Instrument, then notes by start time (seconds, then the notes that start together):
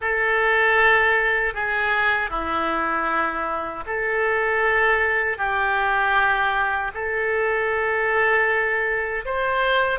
oboe
0.01 A4
1.54 G#4
2.30 E4
3.86 A4
5.37 G4
6.94 A4
9.25 C5